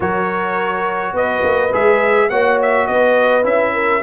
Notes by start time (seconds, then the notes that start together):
0.00 F#3 F#4 A#4 C#5
1.13 B3 B4 D#5
1.43 A#3
1.72 G#3 G#4 E5
2.29 A#3 F#4 C#5 F#5
2.62 E5
2.86 B3 B4 D#5
3.43 C#4 E4 E5
3.73 A#4